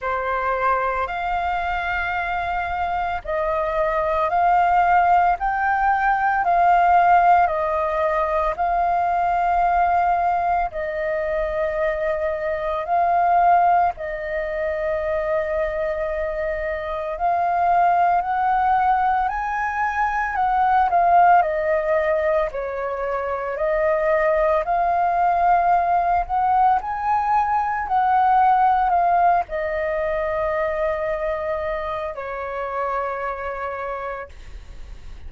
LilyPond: \new Staff \with { instrumentName = "flute" } { \time 4/4 \tempo 4 = 56 c''4 f''2 dis''4 | f''4 g''4 f''4 dis''4 | f''2 dis''2 | f''4 dis''2. |
f''4 fis''4 gis''4 fis''8 f''8 | dis''4 cis''4 dis''4 f''4~ | f''8 fis''8 gis''4 fis''4 f''8 dis''8~ | dis''2 cis''2 | }